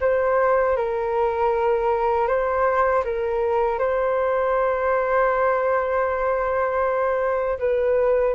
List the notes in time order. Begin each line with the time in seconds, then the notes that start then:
0.00 C5
0.76 A#4
2.27 C5
3.04 A#4
3.78 C5
7.58 B4